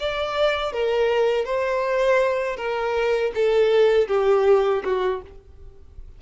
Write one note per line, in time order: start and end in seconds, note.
0.00 0.73 D5
0.73 1.45 A#4
1.45 2.57 C5
2.57 3.32 A#4
3.35 4.08 A4
4.08 4.83 G4
4.84 5.22 F#4